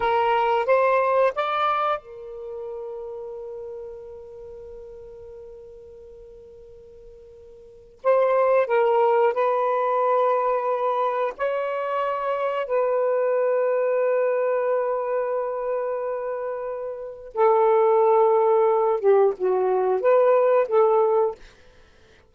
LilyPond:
\new Staff \with { instrumentName = "saxophone" } { \time 4/4 \tempo 4 = 90 ais'4 c''4 d''4 ais'4~ | ais'1~ | ais'1 | c''4 ais'4 b'2~ |
b'4 cis''2 b'4~ | b'1~ | b'2 a'2~ | a'8 g'8 fis'4 b'4 a'4 | }